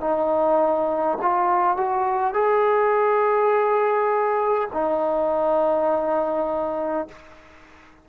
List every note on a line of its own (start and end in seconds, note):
0.00 1.18 D#4
1.21 1.77 F4
1.77 2.33 F#4
2.33 4.69 G#4
4.73 7.08 D#4